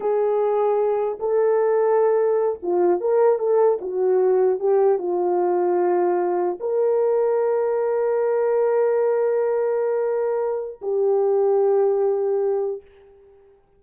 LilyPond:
\new Staff \with { instrumentName = "horn" } { \time 4/4 \tempo 4 = 150 gis'2. a'4~ | a'2~ a'8 f'4 ais'8~ | ais'8 a'4 fis'2 g'8~ | g'8 f'2.~ f'8~ |
f'8 ais'2.~ ais'8~ | ais'1~ | ais'2. g'4~ | g'1 | }